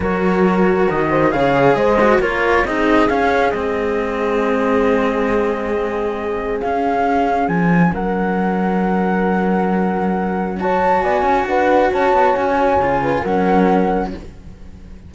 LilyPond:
<<
  \new Staff \with { instrumentName = "flute" } { \time 4/4 \tempo 4 = 136 cis''2 dis''4 f''4 | dis''4 cis''4 dis''4 f''4 | dis''1~ | dis''2. f''4~ |
f''4 gis''4 fis''2~ | fis''1 | a''4 gis''4 fis''4 a''4 | gis''2 fis''2 | }
  \new Staff \with { instrumentName = "horn" } { \time 4/4 ais'2~ ais'8 c''8 cis''4 | c''4 ais'4 gis'2~ | gis'1~ | gis'1~ |
gis'2 ais'2~ | ais'1 | cis''4 d''8 cis''8 b'4 cis''4~ | cis''4. b'8 ais'2 | }
  \new Staff \with { instrumentName = "cello" } { \time 4/4 fis'2. gis'4~ | gis'8 fis'8 f'4 dis'4 cis'4 | c'1~ | c'2. cis'4~ |
cis'1~ | cis'1 | fis'1~ | fis'4 f'4 cis'2 | }
  \new Staff \with { instrumentName = "cello" } { \time 4/4 fis2 dis4 cis4 | gis4 ais4 c'4 cis'4 | gis1~ | gis2. cis'4~ |
cis'4 f4 fis2~ | fis1~ | fis4 b8 cis'8 d'4 cis'8 b8 | cis'4 cis4 fis2 | }
>>